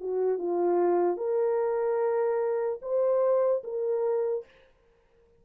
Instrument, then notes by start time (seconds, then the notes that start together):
horn
0.00 F#4
0.38 F4
1.17 A#4
2.82 C5
3.63 A#4